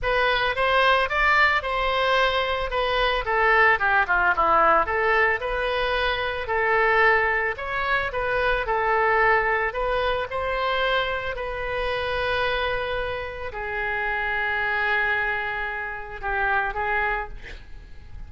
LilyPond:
\new Staff \with { instrumentName = "oboe" } { \time 4/4 \tempo 4 = 111 b'4 c''4 d''4 c''4~ | c''4 b'4 a'4 g'8 f'8 | e'4 a'4 b'2 | a'2 cis''4 b'4 |
a'2 b'4 c''4~ | c''4 b'2.~ | b'4 gis'2.~ | gis'2 g'4 gis'4 | }